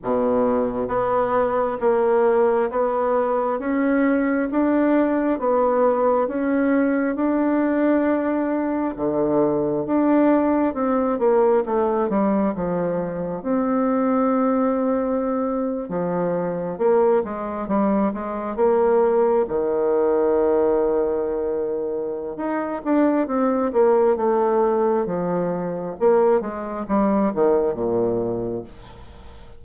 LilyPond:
\new Staff \with { instrumentName = "bassoon" } { \time 4/4 \tempo 4 = 67 b,4 b4 ais4 b4 | cis'4 d'4 b4 cis'4 | d'2 d4 d'4 | c'8 ais8 a8 g8 f4 c'4~ |
c'4.~ c'16 f4 ais8 gis8 g16~ | g16 gis8 ais4 dis2~ dis16~ | dis4 dis'8 d'8 c'8 ais8 a4 | f4 ais8 gis8 g8 dis8 ais,4 | }